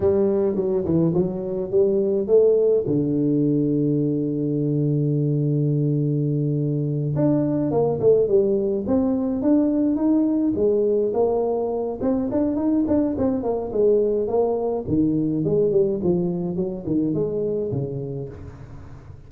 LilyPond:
\new Staff \with { instrumentName = "tuba" } { \time 4/4 \tempo 4 = 105 g4 fis8 e8 fis4 g4 | a4 d2.~ | d1~ | d8 d'4 ais8 a8 g4 c'8~ |
c'8 d'4 dis'4 gis4 ais8~ | ais4 c'8 d'8 dis'8 d'8 c'8 ais8 | gis4 ais4 dis4 gis8 g8 | f4 fis8 dis8 gis4 cis4 | }